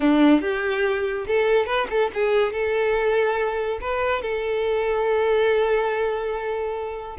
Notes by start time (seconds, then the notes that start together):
0.00 D4
0.41 G4
1.27 A4
1.66 B4
1.89 A4
2.14 G#4
2.52 A4
3.80 B4
4.22 A4